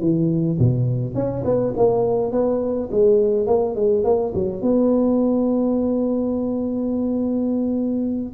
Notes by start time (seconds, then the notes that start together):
0.00 E3
0.59 B2
1.15 C#4
1.44 B3
1.77 A#3
2.32 B3
2.92 G#3
3.47 A#3
3.76 G#3
4.04 A#3
4.35 F#3
4.62 B3